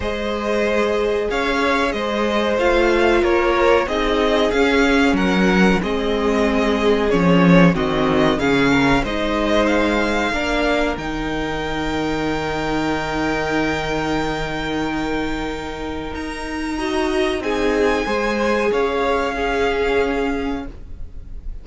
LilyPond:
<<
  \new Staff \with { instrumentName = "violin" } { \time 4/4 \tempo 4 = 93 dis''2 f''4 dis''4 | f''4 cis''4 dis''4 f''4 | fis''4 dis''2 cis''4 | dis''4 f''4 dis''4 f''4~ |
f''4 g''2.~ | g''1~ | g''4 ais''2 gis''4~ | gis''4 f''2. | }
  \new Staff \with { instrumentName = "violin" } { \time 4/4 c''2 cis''4 c''4~ | c''4 ais'4 gis'2 | ais'4 gis'2. | fis'4 gis'8 ais'8 c''2 |
ais'1~ | ais'1~ | ais'2 dis''4 gis'4 | c''4 cis''4 gis'2 | }
  \new Staff \with { instrumentName = "viola" } { \time 4/4 gis'1 | f'2 dis'4 cis'4~ | cis'4 c'2 cis'4 | c'4 cis'4 dis'2 |
d'4 dis'2.~ | dis'1~ | dis'2 fis'4 dis'4 | gis'2 cis'2 | }
  \new Staff \with { instrumentName = "cello" } { \time 4/4 gis2 cis'4 gis4 | a4 ais4 c'4 cis'4 | fis4 gis2 f4 | dis4 cis4 gis2 |
ais4 dis2.~ | dis1~ | dis4 dis'2 c'4 | gis4 cis'2. | }
>>